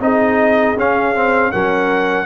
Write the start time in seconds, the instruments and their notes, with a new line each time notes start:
0.00 tuba C4, trombone D#4, horn G#4, trumpet D#5
0.76 tuba C#4, trombone C#4, trumpet F5
1.15 trombone C4
1.52 tuba F#3, trombone C#4, horn A#4, trumpet F#5